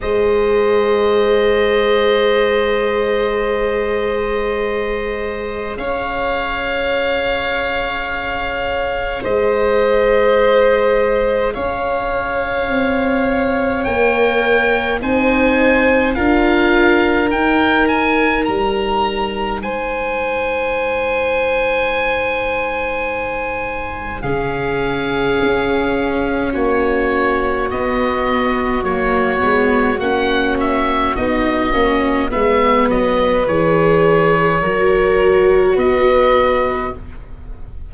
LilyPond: <<
  \new Staff \with { instrumentName = "oboe" } { \time 4/4 \tempo 4 = 52 dis''1~ | dis''4 f''2. | dis''2 f''2 | g''4 gis''4 f''4 g''8 gis''8 |
ais''4 gis''2.~ | gis''4 f''2 cis''4 | dis''4 cis''4 fis''8 e''8 dis''4 | e''8 dis''8 cis''2 dis''4 | }
  \new Staff \with { instrumentName = "violin" } { \time 4/4 c''1~ | c''4 cis''2. | c''2 cis''2~ | cis''4 c''4 ais'2~ |
ais'4 c''2.~ | c''4 gis'2 fis'4~ | fis'1 | b'2 ais'4 b'4 | }
  \new Staff \with { instrumentName = "viola" } { \time 4/4 gis'1~ | gis'1~ | gis'1 | ais'4 dis'4 f'4 dis'4~ |
dis'1~ | dis'4 cis'2. | b4 ais8 b8 cis'4 dis'8 cis'8 | b4 gis'4 fis'2 | }
  \new Staff \with { instrumentName = "tuba" } { \time 4/4 gis1~ | gis4 cis'2. | gis2 cis'4 c'4 | ais4 c'4 d'4 dis'4 |
g4 gis2.~ | gis4 cis4 cis'4 ais4 | b4 fis8 gis8 ais4 b8 ais8 | gis8 fis8 e4 fis4 b4 | }
>>